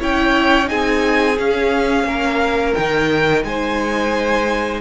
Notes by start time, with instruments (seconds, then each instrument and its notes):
0.00 cello C#4, viola E4, violin C#5 G5
0.65 cello C4, viola D#4, violin G#4 G#5
1.38 viola C#4, cello C#4, violin F5
2.04 cello A#3, violin A#4
2.74 cello D#3, viola D#4, violin G5
3.44 cello G#3, violin C5 G#5